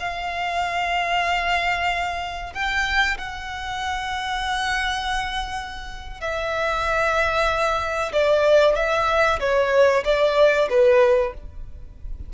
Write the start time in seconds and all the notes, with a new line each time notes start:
0.00 F5
2.54 G5
3.18 F#5
6.21 E5
8.13 D5
8.76 E5
9.40 C#5
10.05 D5
10.70 B4